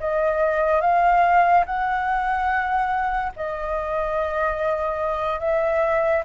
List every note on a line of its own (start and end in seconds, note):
0.00 0.81 D#5
0.81 1.65 F5
1.66 3.33 F#5
3.36 5.40 D#5
5.40 6.23 E5